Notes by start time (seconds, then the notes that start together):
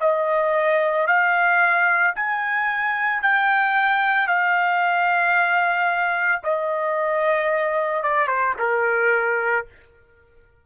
0.00 D#5
1.07 F5
2.15 G#5
3.22 G5
4.27 F5
6.43 D#5
8.03 D5
8.27 C5
8.59 A#4